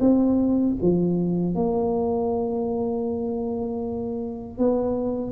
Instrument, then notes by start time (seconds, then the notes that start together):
tuba
0.00 C4
0.82 F3
1.55 A#3
4.58 B3